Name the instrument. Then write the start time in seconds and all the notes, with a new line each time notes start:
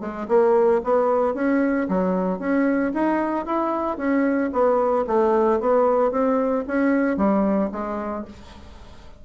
bassoon
0.00 G#3
0.28 A#3
0.84 B3
1.34 C#4
1.88 F#3
2.39 C#4
2.93 D#4
3.46 E4
3.97 C#4
4.52 B3
5.07 A3
5.60 B3
6.11 C4
6.67 C#4
7.17 G3
7.72 G#3